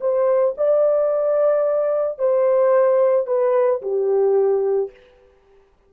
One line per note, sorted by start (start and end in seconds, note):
0.00 0.55 C5
0.57 2.18 D5
2.18 3.26 C5
3.26 3.81 B4
3.81 4.90 G4